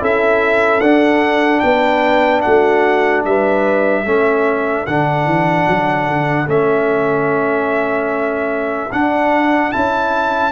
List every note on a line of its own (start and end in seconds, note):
0.00 0.81 C#4
0.00 0.81 E4
0.00 1.64 A4
0.00 0.81 E5
0.81 1.62 D4
0.81 4.06 D4
0.81 1.60 F#5
1.60 2.45 B3
1.60 2.45 B4
1.60 2.41 G5
2.42 3.25 A3
2.42 3.26 F#4
2.42 3.23 F#5
3.25 4.06 G3
3.25 4.04 B4
3.25 4.87 E5
4.04 4.87 A3
4.04 4.87 C#4
4.04 10.52 A4
4.87 5.26 D3
4.87 6.47 D4
4.87 6.49 F#5
5.26 5.66 E3
5.68 6.08 F#3
6.08 6.48 D3
6.47 8.91 A3
6.47 8.90 C#4
6.47 8.93 E5
8.93 9.74 D4
8.93 9.73 D4
8.93 9.72 F#5
9.72 10.52 C#4
9.72 10.52 E4
9.72 10.52 A5